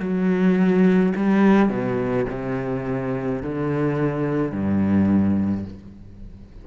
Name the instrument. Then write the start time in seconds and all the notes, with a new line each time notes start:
cello
0.00 F#3
1.16 G3
1.69 B2
2.31 C3
3.43 D3
4.52 G2